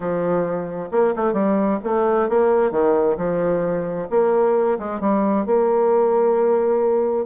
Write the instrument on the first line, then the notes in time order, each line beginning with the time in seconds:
bassoon
0.00 F3
0.91 A#3
1.16 A3
1.33 G3
1.83 A3
2.29 A#3
2.71 D#3
3.17 F3
4.10 A#3
4.79 G#3
5.00 G3
5.45 A#3